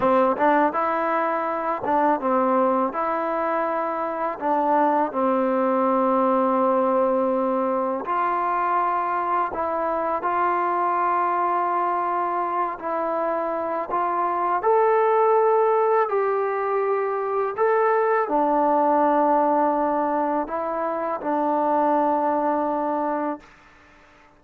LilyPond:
\new Staff \with { instrumentName = "trombone" } { \time 4/4 \tempo 4 = 82 c'8 d'8 e'4. d'8 c'4 | e'2 d'4 c'4~ | c'2. f'4~ | f'4 e'4 f'2~ |
f'4. e'4. f'4 | a'2 g'2 | a'4 d'2. | e'4 d'2. | }